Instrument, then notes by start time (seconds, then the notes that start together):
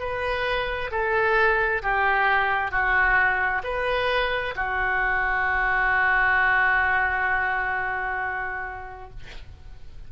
oboe
0.00 B4
0.92 A4
1.83 G4
2.71 F#4
3.64 B4
4.56 F#4